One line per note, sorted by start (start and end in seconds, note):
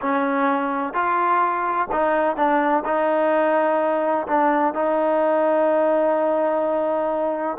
0.01 0.93 C#4
0.93 1.88 F4
1.92 2.36 D#4
2.36 2.83 D4
2.85 4.26 D#4
4.27 4.74 D4
4.74 7.57 D#4